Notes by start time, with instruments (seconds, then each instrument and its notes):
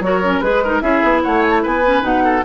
0.00 bassoon F#3, clarinet F#4, oboe A#4, flute C#5
0.23 clarinet C#4
0.40 bassoon G#3, clarinet G#4, flute B4, oboe B4
0.64 clarinet D#4, oboe A#4
0.81 bassoon C#4, clarinet E4, oboe G#4, flute E5
1.03 bassoon B3
1.23 bassoon A3, oboe C#5, flute F#5
1.43 flute G#5
1.50 flute A5
1.63 bassoon B3, oboe B4, flute G#5
1.86 clarinet C#4
2.02 bassoon B2, clarinet D#4, flute F#5
2.24 oboe A4